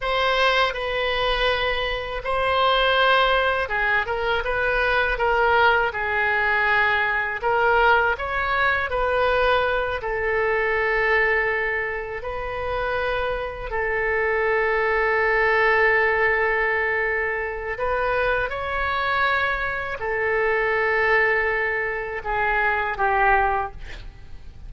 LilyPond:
\new Staff \with { instrumentName = "oboe" } { \time 4/4 \tempo 4 = 81 c''4 b'2 c''4~ | c''4 gis'8 ais'8 b'4 ais'4 | gis'2 ais'4 cis''4 | b'4. a'2~ a'8~ |
a'8 b'2 a'4.~ | a'1 | b'4 cis''2 a'4~ | a'2 gis'4 g'4 | }